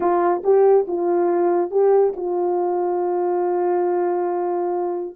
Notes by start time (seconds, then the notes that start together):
0.00 F4
0.43 G4
0.87 F4
1.70 G4
2.16 F4